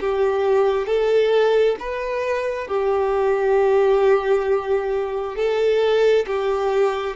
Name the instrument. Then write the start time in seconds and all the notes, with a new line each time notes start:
violin
0.00 G4
0.87 A4
1.80 B4
2.67 G4
5.36 A4
6.27 G4